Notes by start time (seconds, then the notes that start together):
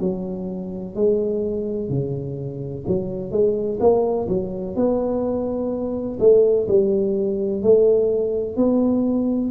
0.00 F#3
0.95 G#3
1.89 C#3
2.87 F#3
3.31 G#3
3.80 A#3
4.29 F#3
4.76 B3
6.20 A3
6.68 G3
7.62 A3
8.57 B3